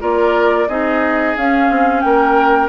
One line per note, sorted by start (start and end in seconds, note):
0.00 0.68 A#3
0.00 0.67 F4
0.00 0.68 A#4
0.00 0.68 D5
0.68 1.35 C4
0.68 1.37 D#4
0.68 2.03 G#4
0.68 1.36 D#5
1.37 1.69 C#4
1.37 2.69 C#4
1.37 2.01 F5
1.69 2.03 C4
2.01 2.69 A#3
2.01 2.69 A#4
2.01 2.68 G5